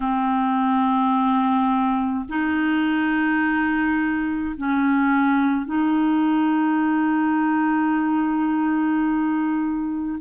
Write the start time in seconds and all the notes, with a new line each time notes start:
0.00 C4
2.28 D#4
4.56 C#4
5.66 D#4